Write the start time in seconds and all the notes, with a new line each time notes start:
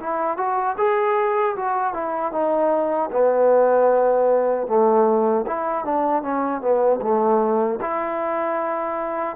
0.00 E4
0.37 F#4
0.78 G#4
1.56 F#4
1.94 E4
2.32 D#4
3.12 B3
4.68 A3
5.47 E4
5.85 D4
6.23 C#4
6.61 B3
7.02 A3
7.81 E4